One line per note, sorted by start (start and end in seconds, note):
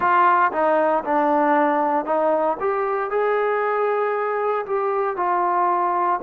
0.00 0.51 F4
0.52 1.03 D#4
1.04 2.05 D4
2.05 2.57 D#4
2.60 3.10 G4
3.10 4.65 G#4
4.66 5.16 G4
5.16 6.20 F4